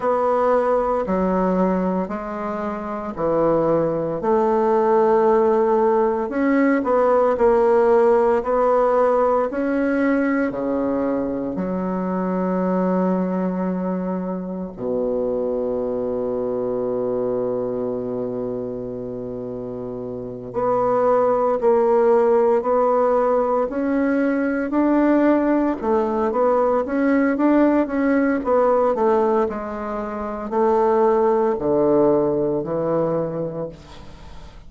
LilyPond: \new Staff \with { instrumentName = "bassoon" } { \time 4/4 \tempo 4 = 57 b4 fis4 gis4 e4 | a2 cis'8 b8 ais4 | b4 cis'4 cis4 fis4~ | fis2 b,2~ |
b,2.~ b,8 b8~ | b8 ais4 b4 cis'4 d'8~ | d'8 a8 b8 cis'8 d'8 cis'8 b8 a8 | gis4 a4 d4 e4 | }